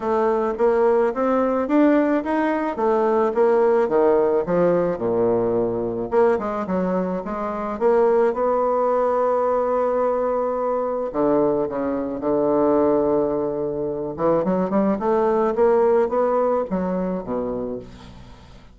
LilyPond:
\new Staff \with { instrumentName = "bassoon" } { \time 4/4 \tempo 4 = 108 a4 ais4 c'4 d'4 | dis'4 a4 ais4 dis4 | f4 ais,2 ais8 gis8 | fis4 gis4 ais4 b4~ |
b1 | d4 cis4 d2~ | d4. e8 fis8 g8 a4 | ais4 b4 fis4 b,4 | }